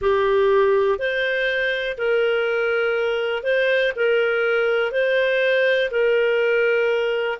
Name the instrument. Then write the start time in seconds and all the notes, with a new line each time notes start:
clarinet
0.01 G4
0.99 C5
1.97 A#4
3.43 C5
3.96 A#4
4.91 C5
5.90 A#4